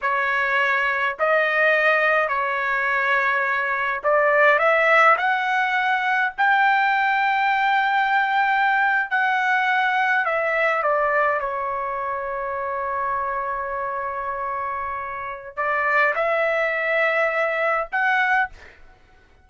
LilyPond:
\new Staff \with { instrumentName = "trumpet" } { \time 4/4 \tempo 4 = 104 cis''2 dis''2 | cis''2. d''4 | e''4 fis''2 g''4~ | g''2.~ g''8. fis''16~ |
fis''4.~ fis''16 e''4 d''4 cis''16~ | cis''1~ | cis''2. d''4 | e''2. fis''4 | }